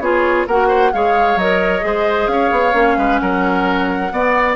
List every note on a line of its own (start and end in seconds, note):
0.00 0.45 B3
0.00 0.48 F4
0.00 0.47 G#4
0.00 0.46 C#5
0.47 0.93 A#3
0.47 0.93 F#4
0.47 0.68 A#4
0.47 0.93 F#5
0.68 0.91 C5
0.93 1.36 G#3
0.93 1.38 G#4
0.93 1.86 C#5
0.93 1.38 F5
1.36 1.81 F#3
1.36 1.81 A#4
1.36 2.28 D#5
1.81 2.27 G#3
1.81 2.72 G#4
1.81 2.31 C5
2.27 2.50 C#4
2.27 2.98 C#5
2.27 3.18 F5
2.52 2.74 B3
2.73 2.96 A#3
2.73 4.10 C#4
2.98 3.20 G#3
2.98 3.21 B4
3.18 4.12 F#3
3.18 4.13 A#4
3.18 4.55 F#5
4.10 4.56 B3
4.10 4.56 D5